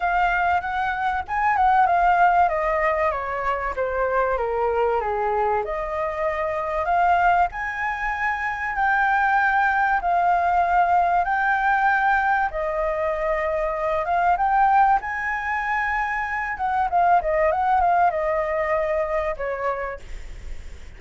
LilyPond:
\new Staff \with { instrumentName = "flute" } { \time 4/4 \tempo 4 = 96 f''4 fis''4 gis''8 fis''8 f''4 | dis''4 cis''4 c''4 ais'4 | gis'4 dis''2 f''4 | gis''2 g''2 |
f''2 g''2 | dis''2~ dis''8 f''8 g''4 | gis''2~ gis''8 fis''8 f''8 dis''8 | fis''8 f''8 dis''2 cis''4 | }